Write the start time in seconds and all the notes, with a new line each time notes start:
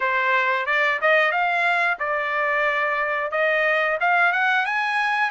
0.00 C5
0.66 D5
1.01 D#5
1.31 F5
1.99 D5
3.31 D#5
4.00 F5
4.32 F#5
4.65 G#5